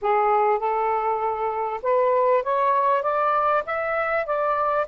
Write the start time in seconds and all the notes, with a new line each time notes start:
0.01 G#4
0.59 A4
1.82 B4
2.43 C#5
3.02 D5
3.66 E5
4.26 D5